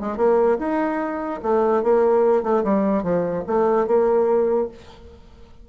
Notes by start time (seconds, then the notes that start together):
0.00 G#3
0.17 A#3
0.59 D#4
1.43 A3
1.83 A#3
2.43 A3
2.64 G3
3.03 F3
3.47 A3
3.87 A#3